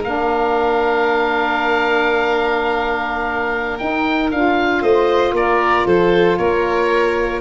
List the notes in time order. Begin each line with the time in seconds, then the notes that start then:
0.00 A#3 D4 A#4 F5
3.78 D#4 G5
4.31 D4 F4 F5
4.81 A3 C5 D#5
5.32 A#3 A#4 D5
5.86 F3 A4 C5
6.37 A#3 A#4 C#5